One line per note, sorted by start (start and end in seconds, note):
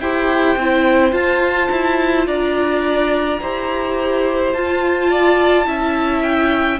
0.00 0.57 E4
0.00 0.59 G4
0.00 2.27 C5
0.00 1.13 G5
0.57 1.12 C4
0.57 1.13 E4
1.12 1.69 F4
1.12 3.39 F4
1.12 2.27 A5
1.71 2.27 E4
2.27 3.40 D4
2.27 3.41 D5
2.27 4.54 A#5
3.42 4.54 E4
3.42 4.55 G4
3.42 5.10 C5
4.54 5.67 F4
4.54 5.66 F4
4.54 6.23 A5
5.10 5.67 D5
5.66 6.80 C#4
5.66 6.79 E4
5.66 6.80 E5
6.23 6.79 G5